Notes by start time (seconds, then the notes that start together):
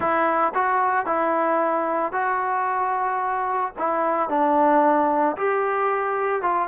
0.00 E4
0.54 F#4
1.05 E4
2.12 F#4
3.78 E4
4.29 D4
5.36 G4
6.42 F4